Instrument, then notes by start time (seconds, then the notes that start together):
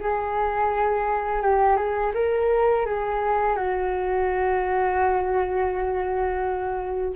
flute
0.00 G#4
1.42 G4
1.76 G#4
2.14 A#4
2.86 G#4
3.56 F#4